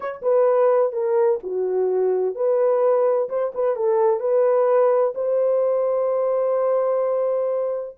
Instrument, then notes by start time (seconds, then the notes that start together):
horn
0.00 C#5
0.22 B4
0.92 A#4
1.43 F#4
2.35 B4
3.29 C5
3.54 B4
3.75 A4
4.20 B4
5.15 C5